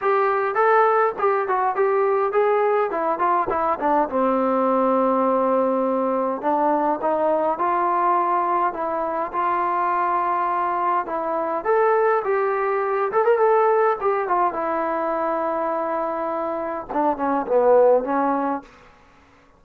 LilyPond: \new Staff \with { instrumentName = "trombone" } { \time 4/4 \tempo 4 = 103 g'4 a'4 g'8 fis'8 g'4 | gis'4 e'8 f'8 e'8 d'8 c'4~ | c'2. d'4 | dis'4 f'2 e'4 |
f'2. e'4 | a'4 g'4. a'16 ais'16 a'4 | g'8 f'8 e'2.~ | e'4 d'8 cis'8 b4 cis'4 | }